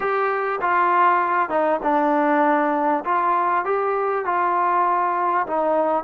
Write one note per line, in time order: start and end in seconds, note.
0.00 0.59 G4
0.61 1.49 F4
1.49 1.80 D#4
1.82 3.04 D4
3.05 3.64 F4
3.64 4.25 G4
4.25 5.46 F4
5.46 6.04 D#4